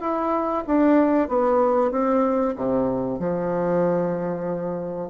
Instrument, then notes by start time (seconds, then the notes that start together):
bassoon
0.00 E4
0.67 D4
1.28 B3
1.91 C4
2.56 C3
3.19 F3